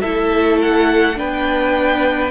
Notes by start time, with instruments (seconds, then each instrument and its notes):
0.00 cello A3, viola E4, violin A4 E5
0.62 violin F#5
1.15 cello B3, viola D4, violin B4 G5